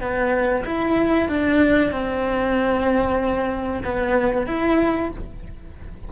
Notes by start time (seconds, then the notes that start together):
0.00 B3
0.65 E4
1.28 D4
1.91 C4
3.84 B3
4.46 E4